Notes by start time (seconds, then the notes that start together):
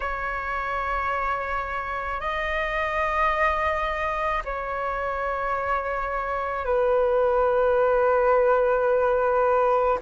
0.00 C#5
2.20 D#5
4.44 C#5
6.65 B4